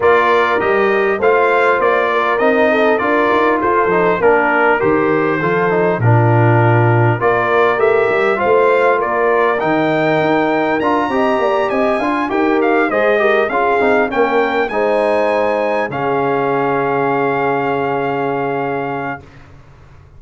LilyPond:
<<
  \new Staff \with { instrumentName = "trumpet" } { \time 4/4 \tempo 4 = 100 d''4 dis''4 f''4 d''4 | dis''4 d''4 c''4 ais'4 | c''2 ais'2 | d''4 e''4 f''4 d''4 |
g''2 ais''4. gis''8~ | gis''8 g''8 f''8 dis''4 f''4 g''8~ | g''8 gis''2 f''4.~ | f''1 | }
  \new Staff \with { instrumentName = "horn" } { \time 4/4 ais'2 c''4. ais'8~ | ais'8 a'8 ais'4 a'4 ais'4~ | ais'4 a'4 f'2 | ais'2 c''4 ais'4~ |
ais'2~ ais'8 dis''8 d''8 dis''8 | f''8 ais'4 c''8 ais'8 gis'4 ais'8~ | ais'8 c''2 gis'4.~ | gis'1 | }
  \new Staff \with { instrumentName = "trombone" } { \time 4/4 f'4 g'4 f'2 | dis'4 f'4. dis'8 d'4 | g'4 f'8 dis'8 d'2 | f'4 g'4 f'2 |
dis'2 f'8 g'4. | f'8 g'4 gis'8 g'8 f'8 dis'8 cis'8~ | cis'8 dis'2 cis'4.~ | cis'1 | }
  \new Staff \with { instrumentName = "tuba" } { \time 4/4 ais4 g4 a4 ais4 | c'4 d'8 dis'8 f'8 f8 ais4 | dis4 f4 ais,2 | ais4 a8 g8 a4 ais4 |
dis4 dis'4 d'8 c'8 ais8 c'8 | d'8 dis'4 gis4 cis'8 c'8 ais8~ | ais8 gis2 cis4.~ | cis1 | }
>>